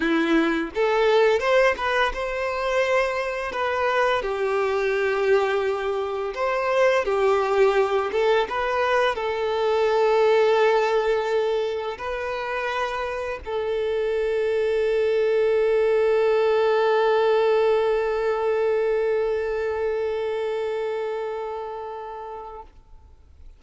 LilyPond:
\new Staff \with { instrumentName = "violin" } { \time 4/4 \tempo 4 = 85 e'4 a'4 c''8 b'8 c''4~ | c''4 b'4 g'2~ | g'4 c''4 g'4. a'8 | b'4 a'2.~ |
a'4 b'2 a'4~ | a'1~ | a'1~ | a'1 | }